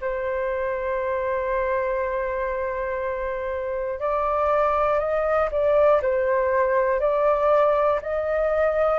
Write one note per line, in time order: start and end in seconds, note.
0.00 4.00 C5
4.00 4.99 D5
4.99 5.49 D#5
5.50 6.00 D5
6.02 7.00 C5
7.00 8.00 D5
8.01 8.99 D#5